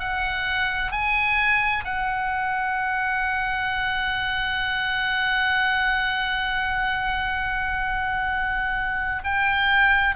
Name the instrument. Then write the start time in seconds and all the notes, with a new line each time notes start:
oboe
0.00 F#5
0.92 G#5
1.85 F#5
9.24 G5